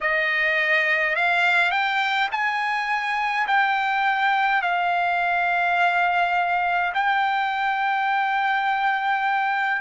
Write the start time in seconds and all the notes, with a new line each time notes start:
0.00 D#5
1.15 F5
1.70 G5
2.31 G#5
3.47 G5
4.62 F5
6.94 G5